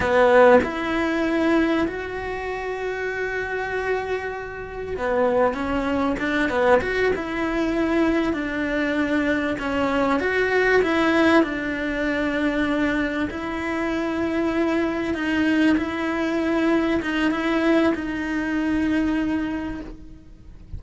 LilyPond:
\new Staff \with { instrumentName = "cello" } { \time 4/4 \tempo 4 = 97 b4 e'2 fis'4~ | fis'1 | b4 cis'4 d'8 b8 fis'8 e'8~ | e'4. d'2 cis'8~ |
cis'8 fis'4 e'4 d'4.~ | d'4. e'2~ e'8~ | e'8 dis'4 e'2 dis'8 | e'4 dis'2. | }